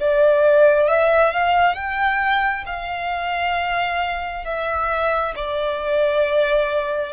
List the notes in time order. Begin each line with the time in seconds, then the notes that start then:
0.00 D5
0.88 E5
1.32 F5
1.75 G5
2.66 F5
4.45 E5
5.36 D5